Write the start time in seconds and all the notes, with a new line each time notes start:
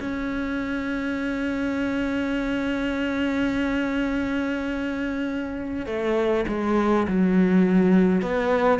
0.00 C#4
5.86 A3
6.48 G#3
7.07 F#3
8.21 B3